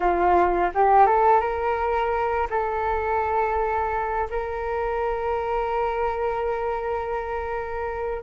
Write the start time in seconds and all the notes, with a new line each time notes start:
0.00 F4
0.74 G4
1.06 A4
1.40 A#4
2.49 A4
4.30 A#4